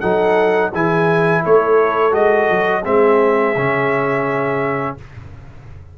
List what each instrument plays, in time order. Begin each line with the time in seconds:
0.00 tuba F#3, trombone D#4, horn A4, trumpet F#5
0.72 tuba E3, trombone E4, horn G#4, trumpet G#5
1.43 tuba A3, horn A4, trumpet C#5
2.11 tuba G#3, trombone F#4, trumpet D#5
2.50 tuba F#3
2.83 tuba G#3, trombone C4, horn G#4, trumpet E5
3.56 tuba C#3, trombone C#4